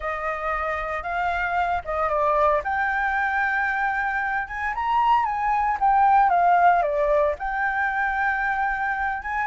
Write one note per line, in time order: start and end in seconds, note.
0.00 1.03 D#5
1.03 1.82 F5
1.84 2.09 D#5
2.09 2.61 D5
2.64 4.47 G5
4.47 4.73 G#5
4.74 5.25 A#5
5.25 5.77 G#5
5.80 6.29 G5
6.29 6.82 F5
6.82 7.34 D5
7.38 9.22 G5
9.22 9.47 G#5